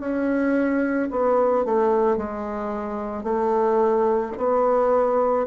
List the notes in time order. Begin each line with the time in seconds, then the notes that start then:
0.00 C#4
1.11 B3
1.65 A3
2.17 G#3
3.23 A3
4.38 B3